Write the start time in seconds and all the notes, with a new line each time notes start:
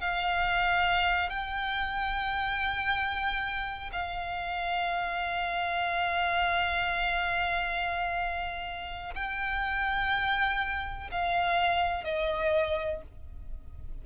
0.00 F5
1.29 G5
3.92 F5
9.14 G5
11.11 F5
12.04 D#5